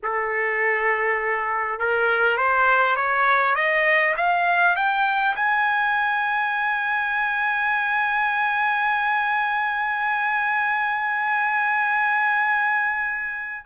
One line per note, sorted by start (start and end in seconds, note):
0.03 1.79 A4
1.79 2.37 A#4
2.37 2.96 C5
2.96 3.55 C#5
3.55 4.14 D#5
4.16 4.76 F5
4.76 5.35 G5
5.35 13.65 G#5